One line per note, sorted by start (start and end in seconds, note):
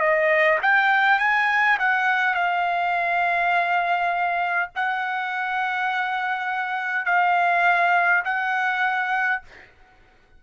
0.00 0.59 D#5
0.63 1.19 G5
1.19 1.78 G#5
1.79 2.34 F#5
2.34 4.70 F5
4.75 7.06 F#5
7.06 8.24 F5
8.25 9.42 F#5